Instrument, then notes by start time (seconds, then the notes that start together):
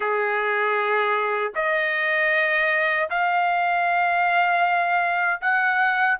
trumpet
0.00 G#4
1.55 D#5
3.10 F5
5.41 F#5